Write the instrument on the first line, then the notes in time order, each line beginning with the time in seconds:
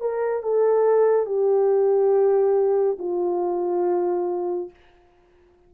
horn
0.00 A#4
0.42 A4
1.26 G4
2.98 F4